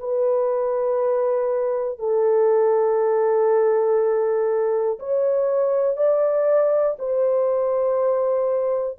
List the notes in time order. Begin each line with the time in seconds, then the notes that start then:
0.00 B4
1.99 A4
4.99 C#5
5.97 D5
6.99 C5